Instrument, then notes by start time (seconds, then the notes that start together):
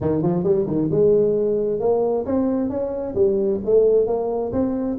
tuba
0.00 D#3
0.22 F3
0.43 G3
0.66 D#3
0.91 G#3
1.80 A#3
2.25 C4
2.69 C#4
3.15 G3
3.65 A3
4.07 A#3
4.52 C4